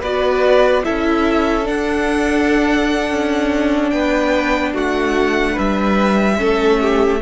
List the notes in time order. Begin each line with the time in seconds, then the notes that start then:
0.00 B3 F#4 B4 D5
0.84 C#4 E4 A4 E5
1.63 D4 F#5
3.10 C#4
3.90 B3 B4 G5
4.73 A3 F#4 F#5
5.53 G3 B4 E5
6.37 A3 C#4 A4
6.80 G4